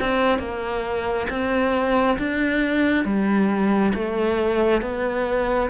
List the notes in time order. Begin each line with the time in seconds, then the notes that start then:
0.00 C4
0.39 A#3
1.29 C4
2.18 D4
3.04 G3
3.94 A3
4.81 B3